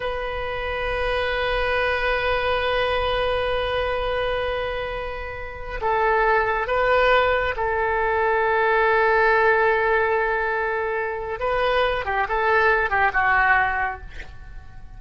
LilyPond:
\new Staff \with { instrumentName = "oboe" } { \time 4/4 \tempo 4 = 137 b'1~ | b'1~ | b'1~ | b'4~ b'16 a'2 b'8.~ |
b'4~ b'16 a'2~ a'8.~ | a'1~ | a'2 b'4. g'8 | a'4. g'8 fis'2 | }